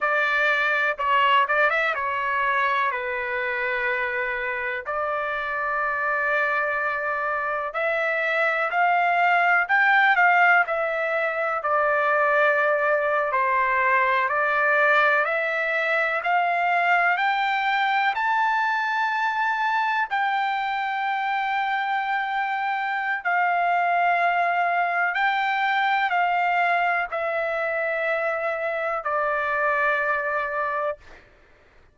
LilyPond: \new Staff \with { instrumentName = "trumpet" } { \time 4/4 \tempo 4 = 62 d''4 cis''8 d''16 e''16 cis''4 b'4~ | b'4 d''2. | e''4 f''4 g''8 f''8 e''4 | d''4.~ d''16 c''4 d''4 e''16~ |
e''8. f''4 g''4 a''4~ a''16~ | a''8. g''2.~ g''16 | f''2 g''4 f''4 | e''2 d''2 | }